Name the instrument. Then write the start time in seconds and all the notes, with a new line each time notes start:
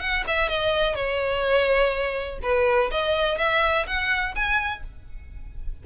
violin
0.00 F#5
0.27 E5
0.48 D#5
0.95 C#5
2.42 B4
2.91 D#5
3.38 E5
3.87 F#5
4.35 G#5